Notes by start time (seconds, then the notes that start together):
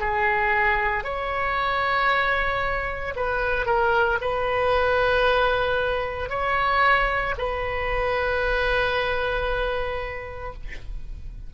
0.00 G#4
1.04 C#5
3.16 B4
3.66 A#4
4.21 B4
6.30 C#5
7.38 B4